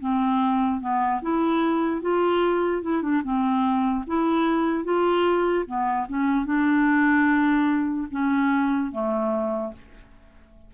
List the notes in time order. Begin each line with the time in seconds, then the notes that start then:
0.00 C4
0.81 B3
1.22 E4
2.02 F4
2.82 E4
3.02 D4
3.24 C4
4.07 E4
4.85 F4
5.66 B3
6.09 C#4
6.46 D4
8.12 C#4
8.92 A3